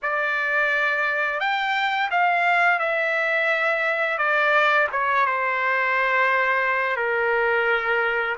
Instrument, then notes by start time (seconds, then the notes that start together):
trumpet
0.02 D5
1.40 G5
2.11 F5
2.79 E5
4.18 D5
4.92 C#5
5.25 C5
6.96 A#4